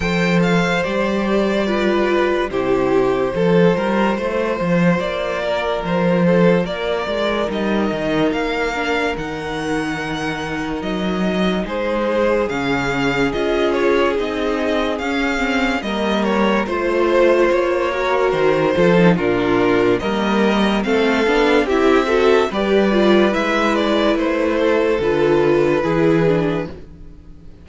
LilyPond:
<<
  \new Staff \with { instrumentName = "violin" } { \time 4/4 \tempo 4 = 72 g''8 f''8 d''2 c''4~ | c''2 d''4 c''4 | d''4 dis''4 f''4 fis''4~ | fis''4 dis''4 c''4 f''4 |
dis''8 cis''8 dis''4 f''4 dis''8 cis''8 | c''4 cis''4 c''4 ais'4 | dis''4 f''4 e''4 d''4 | e''8 d''8 c''4 b'2 | }
  \new Staff \with { instrumentName = "violin" } { \time 4/4 c''2 b'4 g'4 | a'8 ais'8 c''4. ais'4 a'8 | ais'1~ | ais'2 gis'2~ |
gis'2. ais'4 | c''4. ais'4 a'8 f'4 | ais'4 a'4 g'8 a'8 b'4~ | b'4. a'4. gis'4 | }
  \new Staff \with { instrumentName = "viola" } { \time 4/4 a'4 g'4 f'4 e'4 | f'1~ | f'4 dis'4. d'8 dis'4~ | dis'2. cis'4 |
f'4 dis'4 cis'8 c'8 ais4 | f'4. fis'4 f'16 dis'16 d'4 | ais4 c'8 d'8 e'8 fis'8 g'8 f'8 | e'2 f'4 e'8 d'8 | }
  \new Staff \with { instrumentName = "cello" } { \time 4/4 f4 g2 c4 | f8 g8 a8 f8 ais4 f4 | ais8 gis8 g8 dis8 ais4 dis4~ | dis4 fis4 gis4 cis4 |
cis'4 c'4 cis'4 g4 | a4 ais4 dis8 f8 ais,4 | g4 a8 b8 c'4 g4 | gis4 a4 d4 e4 | }
>>